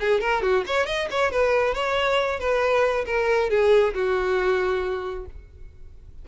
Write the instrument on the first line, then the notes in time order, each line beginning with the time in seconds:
violin
0.00 G#4
0.21 A#4
0.42 F#4
0.67 C#5
0.86 D#5
1.10 C#5
1.32 B4
1.74 C#5
2.39 B4
3.06 A#4
3.50 G#4
3.94 F#4